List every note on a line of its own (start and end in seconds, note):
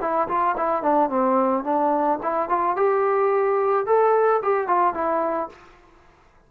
0.00 0.28 E4
0.28 0.55 F4
0.57 0.82 E4
0.82 1.09 D4
1.09 1.63 C4
1.63 2.18 D4
2.22 2.48 E4
2.48 2.76 F4
2.76 3.86 G4
3.86 4.41 A4
4.42 4.67 G4
4.67 4.94 F4
4.94 5.49 E4